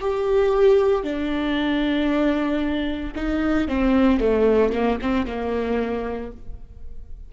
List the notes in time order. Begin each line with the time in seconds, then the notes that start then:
0.00 G4
1.04 D4
3.16 D#4
3.68 C4
4.20 A3
4.73 A#3
5.02 C4
5.27 A#3